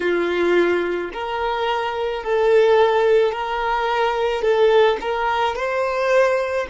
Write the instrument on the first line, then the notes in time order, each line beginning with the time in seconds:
violin
0.00 F4
1.13 A#4
2.23 A4
3.31 A#4
4.41 A4
5.00 A#4
5.55 C5